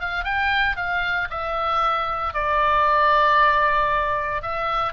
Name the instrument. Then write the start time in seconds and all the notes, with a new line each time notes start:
oboe
0.00 F5
0.24 G5
0.76 F5
1.30 E5
2.34 D5
4.42 E5